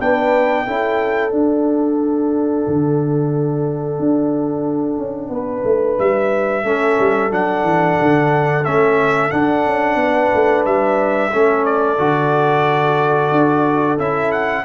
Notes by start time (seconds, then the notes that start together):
0.00 B3 D4 B4 G5
0.67 C#4 E4 A4
1.31 D4 F#5
2.68 D3
4.00 D4
4.98 C#4
5.30 B3 B4
5.65 A3
5.99 G3 E5
6.64 A3 C#4 A4
7.00 G3
7.31 F#3 D4 F#5
7.64 E3
8.02 D3
8.65 A3 C#4 E5
9.31 D4 F#5
9.66 C#4
9.96 B3
10.03 B4
10.35 A3
10.66 G3 E5
11.33 A3 C#4 A4
11.66 D5
11.98 D3 F#4
13.32 D4
13.99 C#4 E4 E5
14.32 F#5